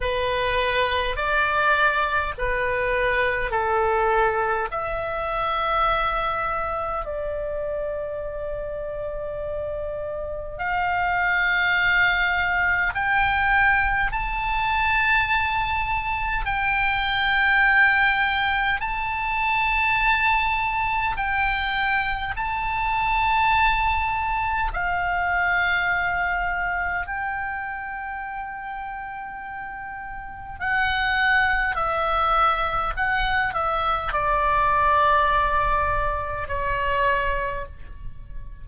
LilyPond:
\new Staff \with { instrumentName = "oboe" } { \time 4/4 \tempo 4 = 51 b'4 d''4 b'4 a'4 | e''2 d''2~ | d''4 f''2 g''4 | a''2 g''2 |
a''2 g''4 a''4~ | a''4 f''2 g''4~ | g''2 fis''4 e''4 | fis''8 e''8 d''2 cis''4 | }